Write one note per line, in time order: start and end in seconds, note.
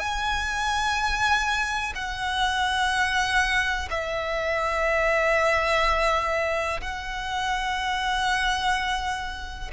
0.00 1.94 G#5
1.95 3.89 F#5
3.91 6.81 E5
6.81 9.72 F#5